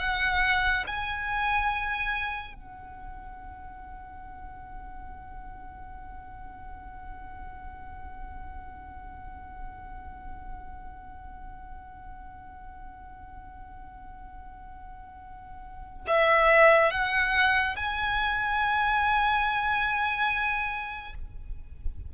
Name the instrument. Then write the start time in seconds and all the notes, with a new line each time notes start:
violin
0.00 F#5
0.87 G#5
2.54 F#5
16.07 E5
16.91 F#5
17.76 G#5